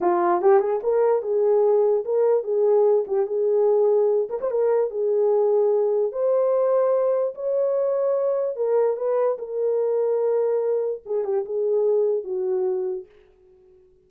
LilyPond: \new Staff \with { instrumentName = "horn" } { \time 4/4 \tempo 4 = 147 f'4 g'8 gis'8 ais'4 gis'4~ | gis'4 ais'4 gis'4. g'8 | gis'2~ gis'8 ais'16 c''16 ais'4 | gis'2. c''4~ |
c''2 cis''2~ | cis''4 ais'4 b'4 ais'4~ | ais'2. gis'8 g'8 | gis'2 fis'2 | }